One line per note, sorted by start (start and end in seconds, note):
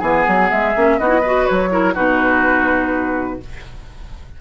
0.00 0.26 E3
0.00 0.75 B3
0.00 0.97 G#4
0.00 0.48 G#5
0.28 0.52 F#3
0.51 0.76 G#3
0.51 0.99 E5
0.76 1.00 A#3
0.76 1.00 C#4
0.99 1.48 B3
0.99 1.09 D#4
0.99 1.21 F#4
0.99 1.46 D#5
1.09 1.21 E4
1.21 1.70 F#4
1.21 1.69 B4
1.46 1.96 F#3
1.46 1.95 C#5
1.70 1.94 E4
1.70 1.94 A#4
1.94 3.41 B2
1.94 3.40 D#4
1.94 3.39 F#4
1.94 3.40 B4